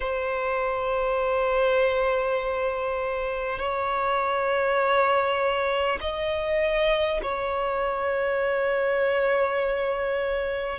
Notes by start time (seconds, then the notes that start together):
0.00 C5
3.58 C#5
6.00 D#5
7.22 C#5